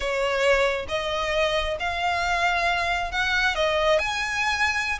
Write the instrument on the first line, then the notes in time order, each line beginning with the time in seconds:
violin
0.00 C#5
0.88 D#5
1.79 F5
3.11 F#5
3.55 D#5
3.98 G#5